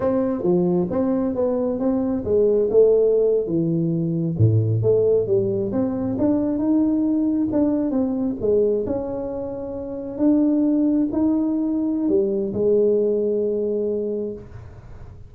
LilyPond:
\new Staff \with { instrumentName = "tuba" } { \time 4/4 \tempo 4 = 134 c'4 f4 c'4 b4 | c'4 gis4 a4.~ a16 e16~ | e4.~ e16 a,4 a4 g16~ | g8. c'4 d'4 dis'4~ dis'16~ |
dis'8. d'4 c'4 gis4 cis'16~ | cis'2~ cis'8. d'4~ d'16~ | d'8. dis'2~ dis'16 g4 | gis1 | }